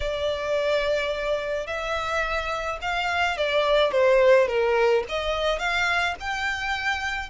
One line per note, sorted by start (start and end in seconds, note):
0.00 1.66 D5
1.66 2.79 E5
2.81 3.37 F5
3.37 3.91 D5
3.91 4.47 C5
4.47 5.03 A#4
5.08 5.58 D#5
5.58 6.14 F5
6.20 7.29 G5